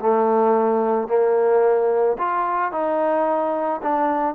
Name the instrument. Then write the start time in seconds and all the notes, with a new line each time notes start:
trombone
0.00 A3
1.08 A#3
2.18 F4
2.72 D#4
3.83 D4